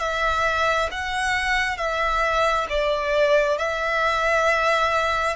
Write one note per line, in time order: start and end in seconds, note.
0.00 0.90 E5
0.92 1.77 F#5
1.77 2.67 E5
2.69 3.58 D5
3.58 5.36 E5